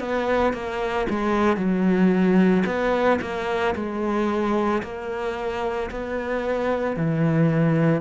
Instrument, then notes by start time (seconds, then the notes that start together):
cello
0.00 B3
0.54 A#3
1.10 G#3
1.57 F#3
2.66 B3
3.21 A#3
3.75 G#3
4.83 A#3
5.91 B3
6.97 E3